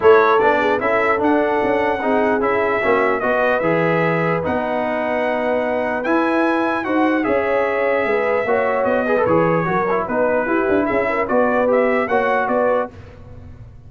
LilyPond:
<<
  \new Staff \with { instrumentName = "trumpet" } { \time 4/4 \tempo 4 = 149 cis''4 d''4 e''4 fis''4~ | fis''2 e''2 | dis''4 e''2 fis''4~ | fis''2. gis''4~ |
gis''4 fis''4 e''2~ | e''2 dis''4 cis''4~ | cis''4 b'2 e''4 | d''4 e''4 fis''4 d''4 | }
  \new Staff \with { instrumentName = "horn" } { \time 4/4 a'4. gis'8 a'2~ | a'4 gis'2 fis'4 | b'1~ | b'1~ |
b'4 c''4 cis''2 | b'4 cis''4. b'4. | ais'4 b'4 g'4 gis'8 ais'8 | b'2 cis''4 b'4 | }
  \new Staff \with { instrumentName = "trombone" } { \time 4/4 e'4 d'4 e'4 d'4~ | d'4 dis'4 e'4 cis'4 | fis'4 gis'2 dis'4~ | dis'2. e'4~ |
e'4 fis'4 gis'2~ | gis'4 fis'4. gis'16 a'16 gis'4 | fis'8 e'8 dis'4 e'2 | fis'4 g'4 fis'2 | }
  \new Staff \with { instrumentName = "tuba" } { \time 4/4 a4 b4 cis'4 d'4 | cis'4 c'4 cis'4 ais4 | b4 e2 b4~ | b2. e'4~ |
e'4 dis'4 cis'2 | gis4 ais4 b4 e4 | fis4 b4 e'8 d'8 cis'4 | b2 ais4 b4 | }
>>